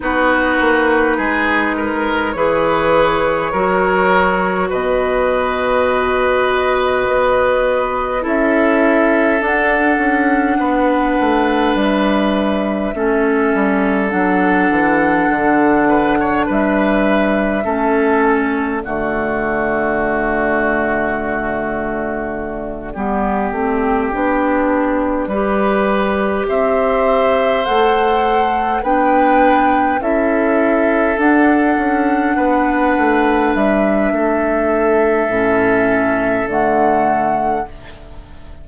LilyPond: <<
  \new Staff \with { instrumentName = "flute" } { \time 4/4 \tempo 4 = 51 b'2 cis''2 | dis''2. e''4 | fis''2 e''2 | fis''2 e''4. d''8~ |
d''1~ | d''2~ d''8 e''4 fis''8~ | fis''8 g''4 e''4 fis''4.~ | fis''8 e''2~ e''8 fis''4 | }
  \new Staff \with { instrumentName = "oboe" } { \time 4/4 fis'4 gis'8 ais'8 b'4 ais'4 | b'2. a'4~ | a'4 b'2 a'4~ | a'4. b'16 cis''16 b'4 a'4 |
fis'2.~ fis'8 g'8~ | g'4. b'4 c''4.~ | c''8 b'4 a'2 b'8~ | b'4 a'2. | }
  \new Staff \with { instrumentName = "clarinet" } { \time 4/4 dis'2 gis'4 fis'4~ | fis'2. e'4 | d'2. cis'4 | d'2. cis'4 |
a2.~ a8 b8 | c'8 d'4 g'2 a'8~ | a'8 d'4 e'4 d'4.~ | d'2 cis'4 a4 | }
  \new Staff \with { instrumentName = "bassoon" } { \time 4/4 b8 ais8 gis4 e4 fis4 | b,2 b4 cis'4 | d'8 cis'8 b8 a8 g4 a8 g8 | fis8 e8 d4 g4 a4 |
d2.~ d8 g8 | a8 b4 g4 c'4 a8~ | a8 b4 cis'4 d'8 cis'8 b8 | a8 g8 a4 a,4 d4 | }
>>